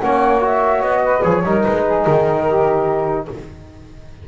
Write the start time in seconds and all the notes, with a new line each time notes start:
0.00 A#3 C#4 C#5 F#5
0.40 F#4 E5
0.81 B3 D#5
1.03 B4
1.22 F3 G#4 C#5
1.44 G3 D#4 A#4
1.63 G#3 B4
1.84 G#4
2.04 D#3 A#4
2.47 G4